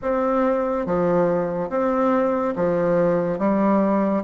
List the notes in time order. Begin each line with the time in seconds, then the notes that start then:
0.02 C4
0.86 F3
1.69 C4
2.55 F3
3.38 G3